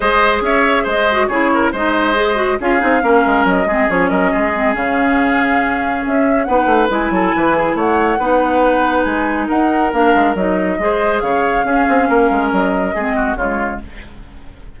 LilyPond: <<
  \new Staff \with { instrumentName = "flute" } { \time 4/4 \tempo 4 = 139 dis''4 e''4 dis''4 cis''4 | dis''2 f''2 | dis''4 cis''8 dis''4. f''4~ | f''2 e''4 fis''4 |
gis''2 fis''2~ | fis''4 gis''4 fis''4 f''4 | dis''2 f''2~ | f''4 dis''2 cis''4 | }
  \new Staff \with { instrumentName = "oboe" } { \time 4/4 c''4 cis''4 c''4 gis'8 ais'8 | c''2 gis'4 ais'4~ | ais'8 gis'4 ais'8 gis'2~ | gis'2. b'4~ |
b'8 a'8 b'8 gis'8 cis''4 b'4~ | b'2 ais'2~ | ais'4 c''4 cis''4 gis'4 | ais'2 gis'8 fis'8 f'4 | }
  \new Staff \with { instrumentName = "clarinet" } { \time 4/4 gis'2~ gis'8 fis'8 e'4 | dis'4 gis'8 fis'8 f'8 dis'8 cis'4~ | cis'8 c'8 cis'4. c'8 cis'4~ | cis'2. dis'4 |
e'2. dis'4~ | dis'2. d'4 | dis'4 gis'2 cis'4~ | cis'2 c'4 gis4 | }
  \new Staff \with { instrumentName = "bassoon" } { \time 4/4 gis4 cis'4 gis4 cis4 | gis2 cis'8 c'8 ais8 gis8 | fis8 gis8 f8 fis8 gis4 cis4~ | cis2 cis'4 b8 a8 |
gis8 fis8 e4 a4 b4~ | b4 gis4 dis'4 ais8 gis8 | fis4 gis4 cis4 cis'8 c'8 | ais8 gis8 fis4 gis4 cis4 | }
>>